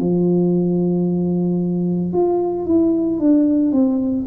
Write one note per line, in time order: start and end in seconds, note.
0.00 2.13 F3
2.13 2.66 F4
2.66 3.19 E4
3.19 3.72 D4
3.72 4.26 C4